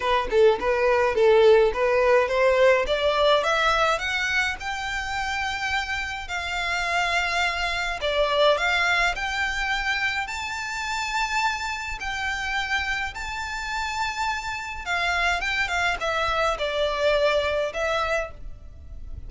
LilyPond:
\new Staff \with { instrumentName = "violin" } { \time 4/4 \tempo 4 = 105 b'8 a'8 b'4 a'4 b'4 | c''4 d''4 e''4 fis''4 | g''2. f''4~ | f''2 d''4 f''4 |
g''2 a''2~ | a''4 g''2 a''4~ | a''2 f''4 g''8 f''8 | e''4 d''2 e''4 | }